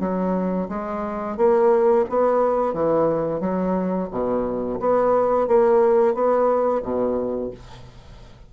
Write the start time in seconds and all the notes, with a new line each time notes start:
0.00 F#3
0.69 G#3
1.37 A#3
2.10 B3
2.74 E3
3.40 F#3
4.11 B2
4.80 B3
5.47 A#3
6.14 B3
6.83 B2